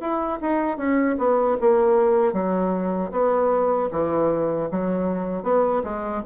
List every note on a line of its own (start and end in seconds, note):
0.00 0.39 E4
0.41 0.77 D#4
0.77 1.16 C#4
1.18 1.57 B3
1.60 2.33 A#3
2.33 3.11 F#3
3.11 3.89 B3
3.91 4.69 E3
4.71 5.43 F#3
5.43 5.82 B3
5.84 6.22 G#3